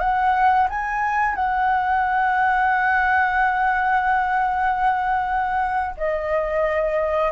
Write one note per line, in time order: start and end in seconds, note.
0.00 0.68 F#5
0.70 1.35 G#5
1.35 5.96 F#5
5.98 7.32 D#5